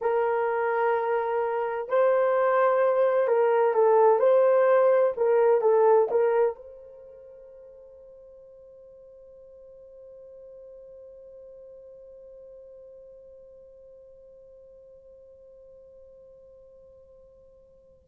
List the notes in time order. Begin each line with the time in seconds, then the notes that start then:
0.01 A#4
1.88 C5
3.27 A#4
3.73 A4
4.19 C5
5.16 A#4
5.61 A4
6.11 A#4
6.55 C5